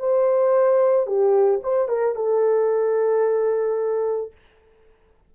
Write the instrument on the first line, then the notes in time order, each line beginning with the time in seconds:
horn
0.00 C5
1.07 G4
1.63 C5
1.89 A#4
2.16 A4